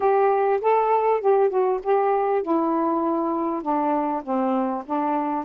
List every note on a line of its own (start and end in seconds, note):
0.00 0.60 G4
0.61 1.20 A4
1.20 1.49 G4
1.49 1.79 F#4
1.83 2.42 G4
2.42 3.62 E4
3.62 4.23 D4
4.23 4.84 C4
4.86 5.44 D4